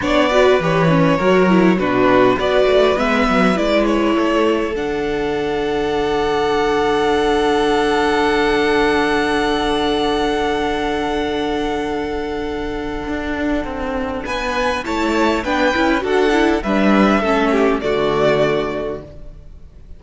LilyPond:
<<
  \new Staff \with { instrumentName = "violin" } { \time 4/4 \tempo 4 = 101 d''4 cis''2 b'4 | d''4 e''4 d''8 cis''4. | fis''1~ | fis''1~ |
fis''1~ | fis''1 | gis''4 a''4 g''4 fis''4 | e''2 d''2 | }
  \new Staff \with { instrumentName = "violin" } { \time 4/4 cis''8 b'4. ais'4 fis'4 | b'2. a'4~ | a'1~ | a'1~ |
a'1~ | a'1 | b'4 cis''4 b'4 a'4 | b'4 a'8 g'8 fis'2 | }
  \new Staff \with { instrumentName = "viola" } { \time 4/4 d'8 fis'8 g'8 cis'8 fis'8 e'8 d'4 | fis'4 b4 e'2 | d'1~ | d'1~ |
d'1~ | d'1~ | d'4 e'4 d'8 e'8 fis'8 e'8 | d'4 cis'4 a2 | }
  \new Staff \with { instrumentName = "cello" } { \time 4/4 b4 e4 fis4 b,4 | b8 a8 gis8 fis8 gis4 a4 | d1~ | d1~ |
d1~ | d2 d'4 c'4 | b4 a4 b8 cis'8 d'4 | g4 a4 d2 | }
>>